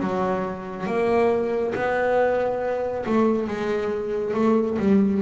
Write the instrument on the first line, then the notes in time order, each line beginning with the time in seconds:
double bass
0.00 F#3
0.87 A#3
1.75 B3
3.06 A3
3.47 G#3
4.34 A3
4.79 G3